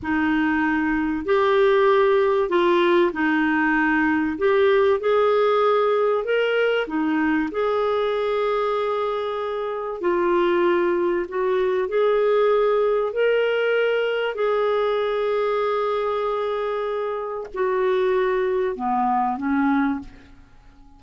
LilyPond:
\new Staff \with { instrumentName = "clarinet" } { \time 4/4 \tempo 4 = 96 dis'2 g'2 | f'4 dis'2 g'4 | gis'2 ais'4 dis'4 | gis'1 |
f'2 fis'4 gis'4~ | gis'4 ais'2 gis'4~ | gis'1 | fis'2 b4 cis'4 | }